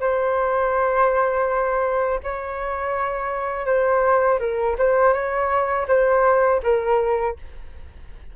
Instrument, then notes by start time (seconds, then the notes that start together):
flute
0.00 C5
2.24 C#5
3.66 C5
4.39 A#4
4.78 C5
5.14 C#5
5.88 C5
6.63 A#4